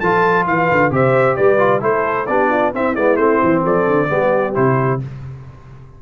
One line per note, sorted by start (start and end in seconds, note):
0.00 0.46 F3
0.00 0.91 F4
0.00 0.45 A4
0.00 0.46 A5
0.46 0.69 E3
0.46 0.93 B4
0.46 0.93 F5
0.71 0.90 D3
0.90 1.36 C3
0.90 1.59 G4
0.90 1.37 C5
0.90 1.36 E5
1.36 1.82 G3
1.36 1.82 B4
1.36 1.82 D5
1.59 1.80 F4
1.80 2.28 A3
1.80 2.26 E4
1.80 2.29 A4
1.80 2.27 C5
2.27 2.74 B3
2.27 2.74 D4
2.27 2.50 G4
2.27 2.72 D5
2.50 2.72 F4
2.74 2.97 C4
2.74 2.95 C4
2.74 3.63 E4
2.74 2.96 E5
2.95 3.17 G#3
2.95 3.18 B3
2.95 3.17 D5
3.17 3.40 A3
3.17 4.09 C4
3.17 3.62 C5
3.43 3.65 E3
3.63 3.87 F3
3.63 4.09 A4
3.63 4.55 D5
3.87 4.10 D3
4.09 4.56 G3
4.09 4.54 B3
4.09 5.01 G4
4.54 5.02 C3
4.54 5.00 E4
4.54 5.00 C5